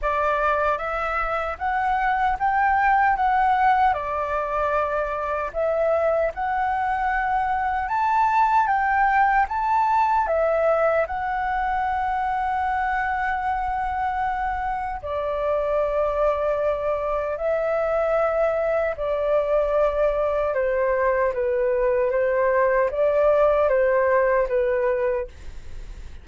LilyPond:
\new Staff \with { instrumentName = "flute" } { \time 4/4 \tempo 4 = 76 d''4 e''4 fis''4 g''4 | fis''4 d''2 e''4 | fis''2 a''4 g''4 | a''4 e''4 fis''2~ |
fis''2. d''4~ | d''2 e''2 | d''2 c''4 b'4 | c''4 d''4 c''4 b'4 | }